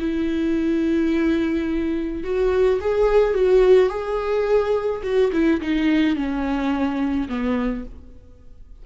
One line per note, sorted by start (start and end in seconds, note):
0.00 2.24 E4
2.24 2.80 F#4
2.81 3.35 G#4
3.35 3.90 F#4
3.90 5.02 G#4
5.03 5.31 F#4
5.33 5.61 E4
5.61 6.16 D#4
6.16 7.28 C#4
7.29 7.85 B3